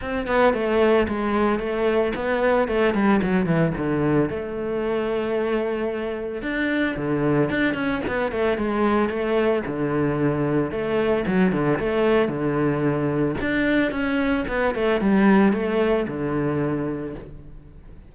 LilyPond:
\new Staff \with { instrumentName = "cello" } { \time 4/4 \tempo 4 = 112 c'8 b8 a4 gis4 a4 | b4 a8 g8 fis8 e8 d4 | a1 | d'4 d4 d'8 cis'8 b8 a8 |
gis4 a4 d2 | a4 fis8 d8 a4 d4~ | d4 d'4 cis'4 b8 a8 | g4 a4 d2 | }